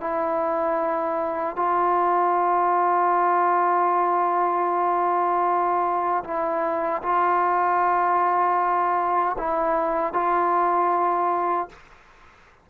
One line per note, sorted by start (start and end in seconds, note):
0.00 1.55 E4
1.55 6.23 F4
6.24 7.02 E4
7.02 9.36 F4
9.38 10.13 E4
10.13 11.68 F4